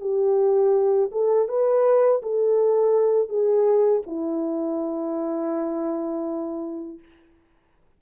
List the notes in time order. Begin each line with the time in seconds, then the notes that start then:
0.00 G4
1.11 A4
1.48 B4
2.22 A4
3.29 G#4
4.06 E4